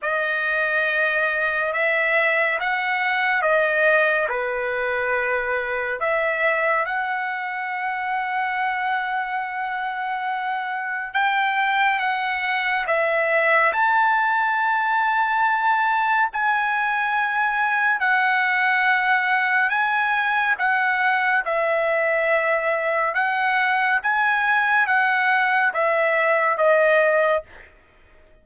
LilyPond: \new Staff \with { instrumentName = "trumpet" } { \time 4/4 \tempo 4 = 70 dis''2 e''4 fis''4 | dis''4 b'2 e''4 | fis''1~ | fis''4 g''4 fis''4 e''4 |
a''2. gis''4~ | gis''4 fis''2 gis''4 | fis''4 e''2 fis''4 | gis''4 fis''4 e''4 dis''4 | }